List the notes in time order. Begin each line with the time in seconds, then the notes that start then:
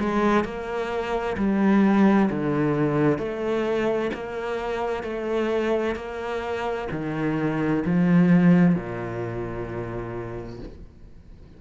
0.00 G#3
0.45 A#3
1.38 G3
2.31 D3
3.19 A3
4.14 A#3
5.03 A3
5.96 A#3
6.91 D#3
7.86 F3
8.76 A#2